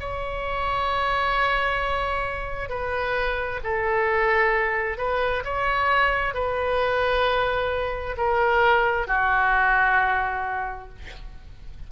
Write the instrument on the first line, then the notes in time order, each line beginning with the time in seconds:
oboe
0.00 C#5
2.69 B4
3.63 A4
4.98 B4
5.44 C#5
6.34 B4
8.17 A#4
9.07 F#4